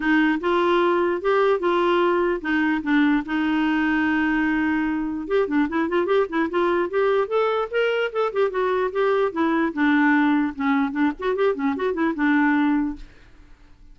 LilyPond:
\new Staff \with { instrumentName = "clarinet" } { \time 4/4 \tempo 4 = 148 dis'4 f'2 g'4 | f'2 dis'4 d'4 | dis'1~ | dis'4 g'8 d'8 e'8 f'8 g'8 e'8 |
f'4 g'4 a'4 ais'4 | a'8 g'8 fis'4 g'4 e'4 | d'2 cis'4 d'8 fis'8 | g'8 cis'8 fis'8 e'8 d'2 | }